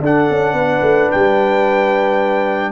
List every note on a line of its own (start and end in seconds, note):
0.00 0.27 D4
0.00 2.72 D4
0.00 0.55 A4
0.00 1.11 F#5
0.30 0.53 C#4
0.53 0.80 B3
0.53 2.72 B4
0.82 1.09 A3
1.11 2.72 G3
1.11 2.72 G5